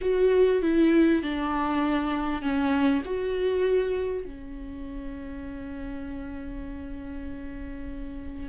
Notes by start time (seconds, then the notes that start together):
0.01 F#4
0.62 E4
1.22 D4
2.42 C#4
3.05 F#4
4.25 C#4